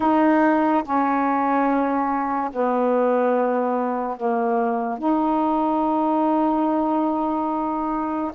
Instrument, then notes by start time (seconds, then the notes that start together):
saxophone
0.00 D#4
0.83 C#4
2.52 B3
4.17 A#3
4.98 D#4